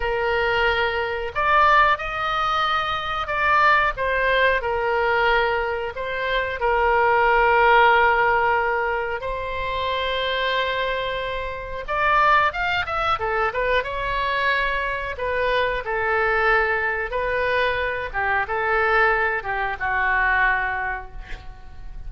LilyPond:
\new Staff \with { instrumentName = "oboe" } { \time 4/4 \tempo 4 = 91 ais'2 d''4 dis''4~ | dis''4 d''4 c''4 ais'4~ | ais'4 c''4 ais'2~ | ais'2 c''2~ |
c''2 d''4 f''8 e''8 | a'8 b'8 cis''2 b'4 | a'2 b'4. g'8 | a'4. g'8 fis'2 | }